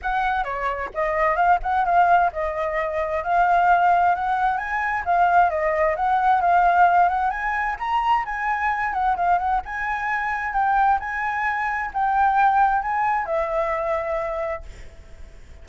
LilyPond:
\new Staff \with { instrumentName = "flute" } { \time 4/4 \tempo 4 = 131 fis''4 cis''4 dis''4 f''8 fis''8 | f''4 dis''2 f''4~ | f''4 fis''4 gis''4 f''4 | dis''4 fis''4 f''4. fis''8 |
gis''4 ais''4 gis''4. fis''8 | f''8 fis''8 gis''2 g''4 | gis''2 g''2 | gis''4 e''2. | }